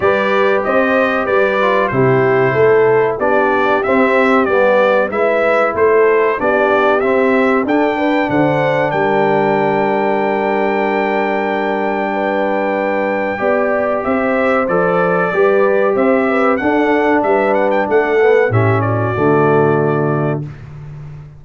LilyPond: <<
  \new Staff \with { instrumentName = "trumpet" } { \time 4/4 \tempo 4 = 94 d''4 dis''4 d''4 c''4~ | c''4 d''4 e''4 d''4 | e''4 c''4 d''4 e''4 | g''4 fis''4 g''2~ |
g''1~ | g''2 e''4 d''4~ | d''4 e''4 fis''4 e''8 fis''16 g''16 | fis''4 e''8 d''2~ d''8 | }
  \new Staff \with { instrumentName = "horn" } { \time 4/4 b'4 c''4 b'4 g'4 | a'4 g'2. | b'4 a'4 g'2 | a'8 b'8 c''4 ais'2~ |
ais'2. b'4~ | b'4 d''4 c''2 | b'4 c''8 b'8 a'4 b'4 | a'4 g'8 fis'2~ fis'8 | }
  \new Staff \with { instrumentName = "trombone" } { \time 4/4 g'2~ g'8 f'8 e'4~ | e'4 d'4 c'4 b4 | e'2 d'4 c'4 | d'1~ |
d'1~ | d'4 g'2 a'4 | g'2 d'2~ | d'8 b8 cis'4 a2 | }
  \new Staff \with { instrumentName = "tuba" } { \time 4/4 g4 c'4 g4 c4 | a4 b4 c'4 g4 | gis4 a4 b4 c'4 | d'4 d4 g2~ |
g1~ | g4 b4 c'4 f4 | g4 c'4 d'4 g4 | a4 a,4 d2 | }
>>